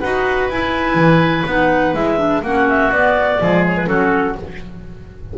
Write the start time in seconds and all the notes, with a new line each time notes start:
0.00 D#4 F#4 B4 F#5
0.50 E4 G#5
0.95 E3
1.46 B3 D#4 F#5
1.94 G#3 E4 E5
2.18 D4
2.42 A#3 C#4 F#4 F#5
2.69 E5
2.91 B3 D5
3.39 F3 G#3 G#4
3.68 C#5
3.77 B4
3.87 F#3 C#4 F#4 A4